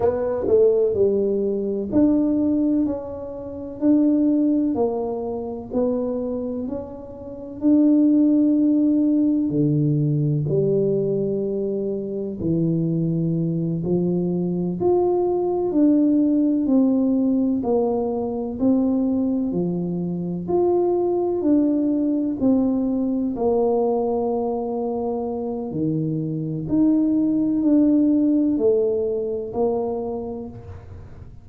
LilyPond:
\new Staff \with { instrumentName = "tuba" } { \time 4/4 \tempo 4 = 63 b8 a8 g4 d'4 cis'4 | d'4 ais4 b4 cis'4 | d'2 d4 g4~ | g4 e4. f4 f'8~ |
f'8 d'4 c'4 ais4 c'8~ | c'8 f4 f'4 d'4 c'8~ | c'8 ais2~ ais8 dis4 | dis'4 d'4 a4 ais4 | }